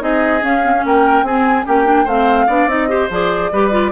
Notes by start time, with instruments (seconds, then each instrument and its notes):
0.00 bassoon C4, clarinet D#4, oboe G#4, flute D#5
0.41 clarinet C#4, bassoon C#4, flute F5
0.64 clarinet C4
0.75 clarinet C#4
0.85 bassoon A#3, oboe A#4, flute G5
1.22 bassoon C4, clarinet C4, oboe G#4, flute G#5
1.65 bassoon A#3, clarinet C#4, oboe G4, flute G5
1.85 clarinet D4
2.04 bassoon A3, clarinet C4, oboe C5, flute F5
2.47 bassoon B3, clarinet D4, oboe D5
2.66 bassoon C4, clarinet D#4, flute D#5
2.88 clarinet G4, oboe C5
3.10 bassoon F3, clarinet G#4, flute D5
3.52 bassoon G3, clarinet G4, oboe B4
3.71 clarinet F4